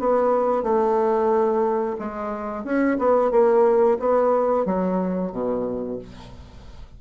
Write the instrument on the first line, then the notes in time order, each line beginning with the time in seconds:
bassoon
0.00 B3
0.63 A3
1.99 G#3
2.64 C#4
2.99 B3
3.32 A#3
4.00 B3
4.66 F#3
5.32 B2